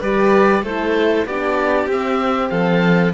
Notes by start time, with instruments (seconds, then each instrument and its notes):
0.00 cello G3, horn G4, violin B4, oboe D5
0.62 cello A3, horn E4, violin A4, oboe C5
1.25 cello B3, horn D4, violin G4, oboe D5
1.87 cello C4, oboe E5
1.93 horn C4
2.50 cello F3, violin A4, oboe F5